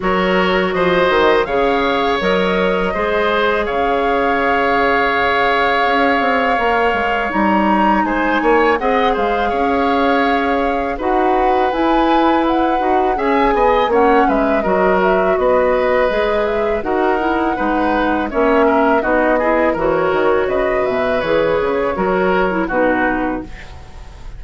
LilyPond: <<
  \new Staff \with { instrumentName = "flute" } { \time 4/4 \tempo 4 = 82 cis''4 dis''4 f''4 dis''4~ | dis''4 f''2.~ | f''2 ais''4 gis''4 | fis''8 f''2~ f''8 fis''4 |
gis''4 fis''4 gis''4 fis''8 e''8 | dis''8 e''8 dis''4. e''8 fis''4~ | fis''4 e''4 dis''4 cis''4 | dis''8 e''8 cis''2 b'4 | }
  \new Staff \with { instrumentName = "oboe" } { \time 4/4 ais'4 c''4 cis''2 | c''4 cis''2.~ | cis''2. c''8 cis''8 | dis''8 c''8 cis''2 b'4~ |
b'2 e''8 dis''8 cis''8 b'8 | ais'4 b'2 ais'4 | b'4 cis''8 ais'8 fis'8 gis'8 ais'4 | b'2 ais'4 fis'4 | }
  \new Staff \with { instrumentName = "clarinet" } { \time 4/4 fis'2 gis'4 ais'4 | gis'1~ | gis'4 ais'4 dis'2 | gis'2. fis'4 |
e'4. fis'8 gis'4 cis'4 | fis'2 gis'4 fis'8 e'8 | dis'4 cis'4 dis'8 e'8 fis'4~ | fis'4 gis'4 fis'8. e'16 dis'4 | }
  \new Staff \with { instrumentName = "bassoon" } { \time 4/4 fis4 f8 dis8 cis4 fis4 | gis4 cis2. | cis'8 c'8 ais8 gis8 g4 gis8 ais8 | c'8 gis8 cis'2 dis'4 |
e'4. dis'8 cis'8 b8 ais8 gis8 | fis4 b4 gis4 dis'4 | gis4 ais4 b4 e8 dis8 | cis8 b,8 e8 cis8 fis4 b,4 | }
>>